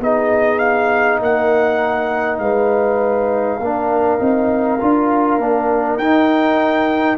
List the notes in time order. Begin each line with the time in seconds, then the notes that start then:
0.00 B3 D#4 G#4 D#5
0.59 F5
1.20 A#3 A#4 F#5
2.39 G#3 B4 F5
3.59 A#3 D4 A#4
4.19 C4 D#4
4.80 D4 F4
5.38 A#3 D4
5.98 D#4 G5